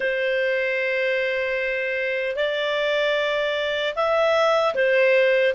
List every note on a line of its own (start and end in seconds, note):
0.00 2.36 C5
2.36 3.94 D5
3.95 4.74 E5
4.74 5.53 C5